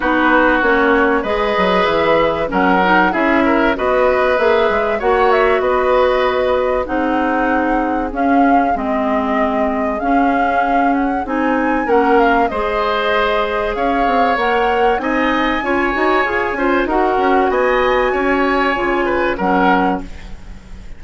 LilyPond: <<
  \new Staff \with { instrumentName = "flute" } { \time 4/4 \tempo 4 = 96 b'4 cis''4 dis''4 e''4 | fis''4 e''4 dis''4 e''4 | fis''8 e''8 dis''2 fis''4~ | fis''4 f''4 dis''2 |
f''4. fis''8 gis''4 fis''8 f''8 | dis''2 f''4 fis''4 | gis''2. fis''4 | gis''2. fis''4 | }
  \new Staff \with { instrumentName = "oboe" } { \time 4/4 fis'2 b'2 | ais'4 gis'8 ais'8 b'2 | cis''4 b'2 gis'4~ | gis'1~ |
gis'2. ais'4 | c''2 cis''2 | dis''4 cis''4. c''8 ais'4 | dis''4 cis''4. b'8 ais'4 | }
  \new Staff \with { instrumentName = "clarinet" } { \time 4/4 dis'4 cis'4 gis'2 | cis'8 dis'8 e'4 fis'4 gis'4 | fis'2. dis'4~ | dis'4 cis'4 c'2 |
cis'2 dis'4 cis'4 | gis'2. ais'4 | dis'4 f'8 fis'8 gis'8 f'8 fis'4~ | fis'2 f'4 cis'4 | }
  \new Staff \with { instrumentName = "bassoon" } { \time 4/4 b4 ais4 gis8 fis8 e4 | fis4 cis'4 b4 ais8 gis8 | ais4 b2 c'4~ | c'4 cis'4 gis2 |
cis'2 c'4 ais4 | gis2 cis'8 c'8 ais4 | c'4 cis'8 dis'8 f'8 cis'8 dis'8 cis'8 | b4 cis'4 cis4 fis4 | }
>>